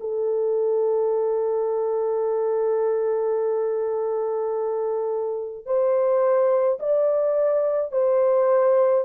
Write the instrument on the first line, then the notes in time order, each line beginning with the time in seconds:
horn
0.00 A4
5.66 C5
6.79 D5
7.91 C5